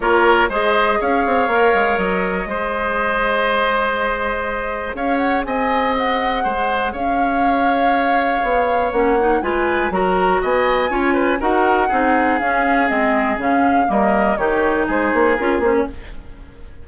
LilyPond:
<<
  \new Staff \with { instrumentName = "flute" } { \time 4/4 \tempo 4 = 121 cis''4 dis''4 f''2 | dis''1~ | dis''2 f''8 fis''8 gis''4 | fis''2 f''2~ |
f''2 fis''4 gis''4 | ais''4 gis''2 fis''4~ | fis''4 f''4 dis''4 f''4 | dis''4 cis''4 c''4 ais'8 c''16 cis''16 | }
  \new Staff \with { instrumentName = "oboe" } { \time 4/4 ais'4 c''4 cis''2~ | cis''4 c''2.~ | c''2 cis''4 dis''4~ | dis''4 c''4 cis''2~ |
cis''2. b'4 | ais'4 dis''4 cis''8 b'8 ais'4 | gis'1 | ais'4 g'4 gis'2 | }
  \new Staff \with { instrumentName = "clarinet" } { \time 4/4 f'4 gis'2 ais'4~ | ais'4 gis'2.~ | gis'1~ | gis'1~ |
gis'2 cis'8 dis'8 f'4 | fis'2 f'4 fis'4 | dis'4 cis'4 c'4 cis'4 | ais4 dis'2 f'8 cis'8 | }
  \new Staff \with { instrumentName = "bassoon" } { \time 4/4 ais4 gis4 cis'8 c'8 ais8 gis8 | fis4 gis2.~ | gis2 cis'4 c'4~ | c'4 gis4 cis'2~ |
cis'4 b4 ais4 gis4 | fis4 b4 cis'4 dis'4 | c'4 cis'4 gis4 cis4 | g4 dis4 gis8 ais8 cis'8 ais8 | }
>>